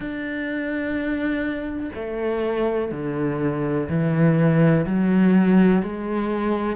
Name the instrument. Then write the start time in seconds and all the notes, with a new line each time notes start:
cello
0.00 D4
1.94 A3
2.91 D3
3.88 E3
4.86 F#3
5.82 G#3